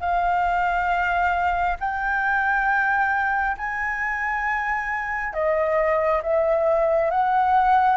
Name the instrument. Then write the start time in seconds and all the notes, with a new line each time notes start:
flute
0.00 F5
1.80 G5
3.57 G#5
5.33 D#5
6.22 E5
7.10 F#5